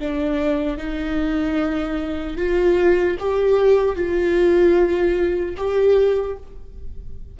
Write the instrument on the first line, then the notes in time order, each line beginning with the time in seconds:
viola
0.00 D4
0.78 D#4
2.37 F4
3.20 G4
3.96 F4
5.57 G4